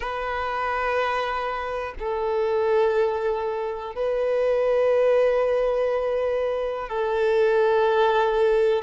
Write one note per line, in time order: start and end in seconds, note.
0.00 1.94 B4
1.99 3.95 A4
3.95 6.89 B4
6.89 8.83 A4